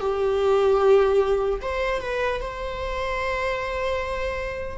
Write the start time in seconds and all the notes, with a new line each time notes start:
0.00 G4
1.62 C5
2.01 B4
2.41 C5